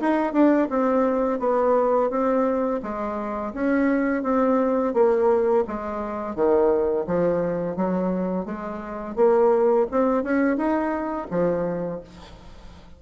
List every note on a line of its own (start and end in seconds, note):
0.00 0.33 D#4
0.33 0.68 D4
0.69 1.39 C4
1.39 2.10 B3
2.10 2.80 C4
2.82 3.53 G#3
3.54 4.23 C#4
4.23 4.93 C4
4.93 5.64 A#3
5.67 6.35 G#3
6.35 7.06 D#3
7.06 7.76 F3
7.76 8.45 F#3
8.45 9.16 G#3
9.16 9.86 A#3
9.90 10.23 C4
10.23 10.57 C#4
10.57 11.27 D#4
11.30 12.01 F3